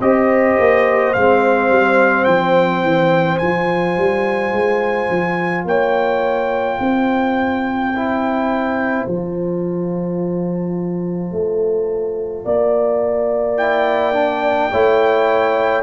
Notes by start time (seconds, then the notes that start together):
0.00 C4 G4 C5 D#5
0.59 A#3
1.13 G#3 C4 F5
1.69 G3
2.25 F3 G5
2.83 E3
3.38 F3 F4 G#5
3.98 G3
4.52 G#3
5.10 F3
5.65 A#3 C#5 G5
6.80 C4 C5
7.96 E4
9.07 F3 F4 A5
11.32 A3
12.45 A#3 D5
13.57 E4 G5
14.13 D4
14.71 A3 E4 C#5